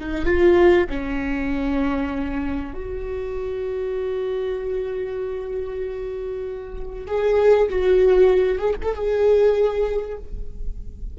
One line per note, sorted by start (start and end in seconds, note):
0.00 0.26 D#4
0.26 0.88 F4
0.90 2.74 C#4
2.74 7.07 F#4
7.07 7.69 G#4
7.70 8.59 F#4
8.59 8.74 G#4
8.83 8.95 A4
8.95 10.18 G#4